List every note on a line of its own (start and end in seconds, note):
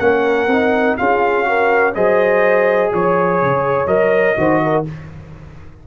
0.00 0.48 A#3
0.00 0.49 C#4
0.00 0.99 A#4
0.00 0.97 F#5
0.48 0.96 C4
0.48 0.99 D#4
0.98 1.96 C#4
0.98 1.45 F4
0.98 1.49 G#4
0.98 1.94 F5
1.45 1.93 F#4
1.45 1.95 A#4
1.95 2.93 F#3
1.95 3.88 G#4
1.95 2.92 C5
1.95 2.92 D#5
2.93 3.42 F3
2.93 4.39 C#5
2.93 3.88 C#5
3.42 3.87 C#3
3.87 4.35 F#3
3.87 4.36 A#4
3.87 4.84 D#5
4.37 4.86 D#3
4.37 4.85 F#4
4.37 4.64 C5
4.64 4.88 A#4